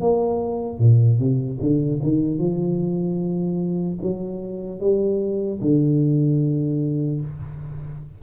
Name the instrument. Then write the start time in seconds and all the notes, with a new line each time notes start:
tuba
0.00 A#3
0.78 A#2
1.18 C3
1.60 D3
2.02 D#3
2.38 F3
4.02 F#3
4.80 G3
5.61 D3